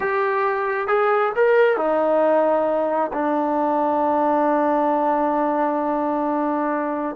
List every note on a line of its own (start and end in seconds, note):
0.00 0.87 G4
0.87 1.32 G#4
1.35 1.76 A#4
1.76 3.11 D#4
3.13 7.16 D4